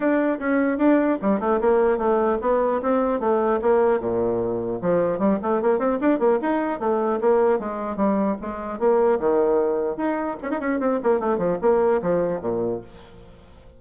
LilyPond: \new Staff \with { instrumentName = "bassoon" } { \time 4/4 \tempo 4 = 150 d'4 cis'4 d'4 g8 a8 | ais4 a4 b4 c'4 | a4 ais4 ais,2 | f4 g8 a8 ais8 c'8 d'8 ais8 |
dis'4 a4 ais4 gis4 | g4 gis4 ais4 dis4~ | dis4 dis'4 cis'16 dis'16 cis'8 c'8 ais8 | a8 f8 ais4 f4 ais,4 | }